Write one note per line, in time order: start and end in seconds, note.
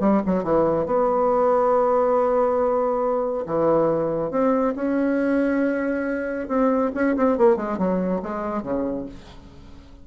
0.00 0.22 G3
0.26 0.44 F#3
0.44 0.86 E3
0.86 3.45 B3
3.46 4.31 E3
4.31 4.74 C4
4.76 6.48 C#4
6.48 6.91 C4
6.94 7.16 C#4
7.16 7.38 C4
7.38 7.56 A#3
7.56 7.78 G#3
7.78 8.21 F#3
8.22 8.62 G#3
8.62 9.05 C#3